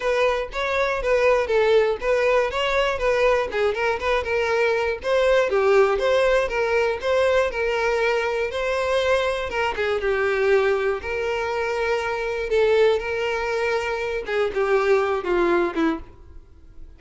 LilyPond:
\new Staff \with { instrumentName = "violin" } { \time 4/4 \tempo 4 = 120 b'4 cis''4 b'4 a'4 | b'4 cis''4 b'4 gis'8 ais'8 | b'8 ais'4. c''4 g'4 | c''4 ais'4 c''4 ais'4~ |
ais'4 c''2 ais'8 gis'8 | g'2 ais'2~ | ais'4 a'4 ais'2~ | ais'8 gis'8 g'4. f'4 e'8 | }